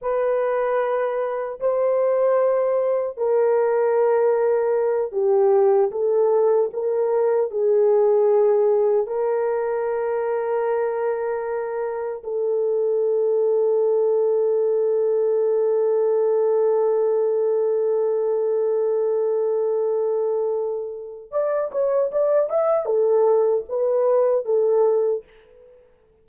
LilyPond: \new Staff \with { instrumentName = "horn" } { \time 4/4 \tempo 4 = 76 b'2 c''2 | ais'2~ ais'8 g'4 a'8~ | a'8 ais'4 gis'2 ais'8~ | ais'2.~ ais'8 a'8~ |
a'1~ | a'1~ | a'2. d''8 cis''8 | d''8 e''8 a'4 b'4 a'4 | }